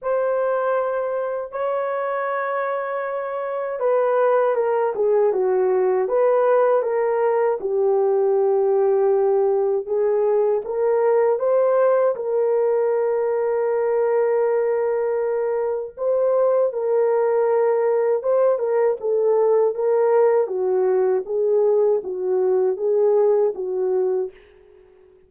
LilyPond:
\new Staff \with { instrumentName = "horn" } { \time 4/4 \tempo 4 = 79 c''2 cis''2~ | cis''4 b'4 ais'8 gis'8 fis'4 | b'4 ais'4 g'2~ | g'4 gis'4 ais'4 c''4 |
ais'1~ | ais'4 c''4 ais'2 | c''8 ais'8 a'4 ais'4 fis'4 | gis'4 fis'4 gis'4 fis'4 | }